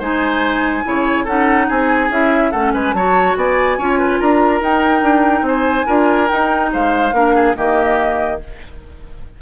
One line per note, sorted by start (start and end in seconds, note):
0.00 0.85 G#3
0.00 0.84 D#4
0.00 0.84 C5
0.00 1.27 G#5
0.84 1.26 C#3
0.84 1.26 E4
0.84 1.25 C#5
1.25 1.68 C#4
1.25 2.11 D#4
1.25 1.67 A4
1.25 1.69 F#5
1.69 2.10 C4
1.69 2.51 G#4
1.69 2.12 G#5
2.10 2.52 C#4
2.10 2.53 E4
2.10 2.52 E5
2.51 2.74 A3
2.51 2.97 C#4
2.51 2.72 A4
2.51 2.73 F#5
2.74 2.94 G#3
2.74 2.95 B4
2.74 2.93 G#5
2.93 3.36 F#3
2.93 3.80 F#4
2.93 3.38 C#5
2.93 3.35 A5
3.37 3.78 B3
3.37 3.78 D5
3.37 4.20 G#5
3.78 4.20 C#4
3.78 4.62 F4
3.78 3.99 C#5
4.00 4.20 B4
4.20 4.61 D4
4.20 5.46 A#4
4.20 4.62 A#5
4.61 5.02 D#4
4.61 5.86 D#4
4.61 5.47 G5
5.02 5.42 D4
5.42 5.84 C4
5.42 5.86 C5
5.42 6.29 G#5
5.86 6.31 D4
5.86 6.28 F4
5.86 6.70 A#4
6.28 7.12 D#4
6.28 6.74 D#4
6.28 6.71 G5
6.73 7.13 G#3
6.73 7.15 C5
6.73 7.57 F5
7.13 7.55 A#3
7.13 7.56 D4
7.13 7.35 A#4
7.35 7.56 G#4
7.56 8.42 D#3
7.56 8.39 A#3
7.56 8.41 G4
7.56 8.41 D#5